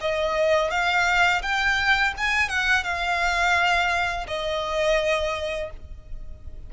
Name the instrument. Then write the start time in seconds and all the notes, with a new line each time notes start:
violin
0.00 D#5
0.70 F5
1.42 G5
2.17 G#5
2.49 F#5
2.83 F5
4.27 D#5